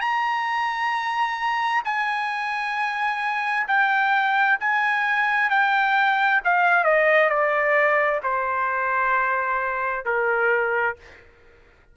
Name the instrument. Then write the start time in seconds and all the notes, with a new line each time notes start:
trumpet
0.00 A#5
1.84 G#5
3.67 G5
4.60 G#5
5.50 G5
6.44 F5
6.83 D#5
7.29 D5
8.23 C5
10.05 A#4